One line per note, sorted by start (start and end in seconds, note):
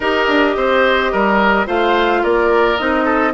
0.00 0.28 D#4
0.00 1.66 G4
0.00 0.56 A#4
0.00 1.67 D#5
0.28 0.56 D4
0.56 1.11 C4
0.56 1.11 C5
1.11 1.67 G3
1.11 1.66 A#4
1.66 2.23 A3
1.66 2.77 F4
1.66 2.22 C5
1.66 2.23 F5
2.23 2.79 A#3
2.23 3.04 A#4
2.23 2.77 D5
2.77 3.33 C4
2.77 3.33 D#4
2.77 3.33 D#5
3.04 3.32 A4